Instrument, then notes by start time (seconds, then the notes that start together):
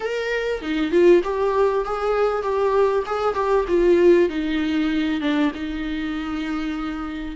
viola
0.00 A#4
0.61 D#4
0.91 F4
1.23 G4
1.84 G#4
2.42 G4
3.06 G#4
3.34 G4
3.68 F4
4.29 D#4
5.20 D4
5.54 D#4